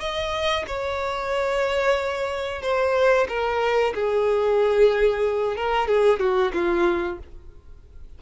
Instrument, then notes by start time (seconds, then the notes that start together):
violin
0.00 D#5
0.67 C#5
2.62 C5
3.28 A#4
3.95 G#4
5.56 A#4
5.88 G#4
6.20 F#4
6.53 F4